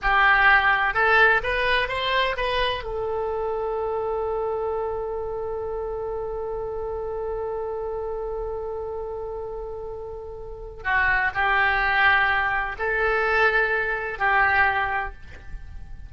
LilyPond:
\new Staff \with { instrumentName = "oboe" } { \time 4/4 \tempo 4 = 127 g'2 a'4 b'4 | c''4 b'4 a'2~ | a'1~ | a'1~ |
a'1~ | a'2. fis'4 | g'2. a'4~ | a'2 g'2 | }